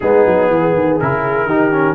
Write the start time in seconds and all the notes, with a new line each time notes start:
0.00 G#3 B3 D#4 G#4
0.26 F#3
0.49 E3 G#4
0.74 D#3
0.99 C#3 E4 A#4
1.45 D#3 D#4 G4
1.72 C#4